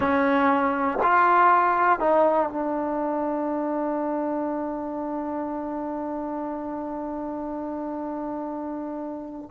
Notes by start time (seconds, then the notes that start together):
0.00 C#4
1.02 F4
1.99 D#4
2.49 D4